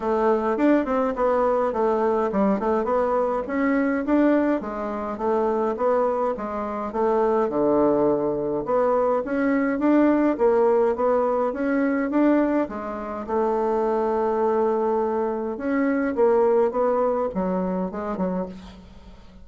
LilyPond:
\new Staff \with { instrumentName = "bassoon" } { \time 4/4 \tempo 4 = 104 a4 d'8 c'8 b4 a4 | g8 a8 b4 cis'4 d'4 | gis4 a4 b4 gis4 | a4 d2 b4 |
cis'4 d'4 ais4 b4 | cis'4 d'4 gis4 a4~ | a2. cis'4 | ais4 b4 fis4 gis8 fis8 | }